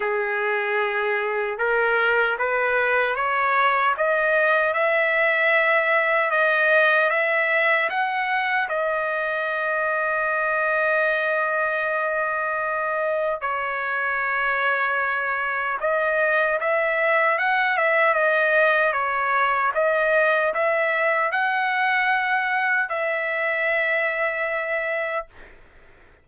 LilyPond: \new Staff \with { instrumentName = "trumpet" } { \time 4/4 \tempo 4 = 76 gis'2 ais'4 b'4 | cis''4 dis''4 e''2 | dis''4 e''4 fis''4 dis''4~ | dis''1~ |
dis''4 cis''2. | dis''4 e''4 fis''8 e''8 dis''4 | cis''4 dis''4 e''4 fis''4~ | fis''4 e''2. | }